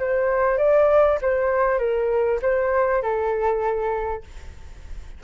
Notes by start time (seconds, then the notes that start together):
0.00 C5
0.58 D5
1.22 C5
1.79 A#4
2.42 C5
3.02 A4